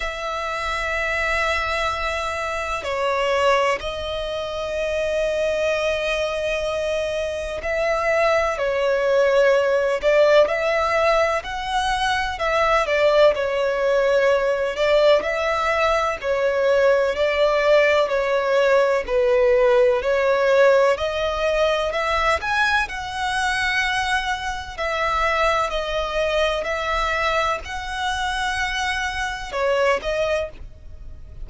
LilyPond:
\new Staff \with { instrumentName = "violin" } { \time 4/4 \tempo 4 = 63 e''2. cis''4 | dis''1 | e''4 cis''4. d''8 e''4 | fis''4 e''8 d''8 cis''4. d''8 |
e''4 cis''4 d''4 cis''4 | b'4 cis''4 dis''4 e''8 gis''8 | fis''2 e''4 dis''4 | e''4 fis''2 cis''8 dis''8 | }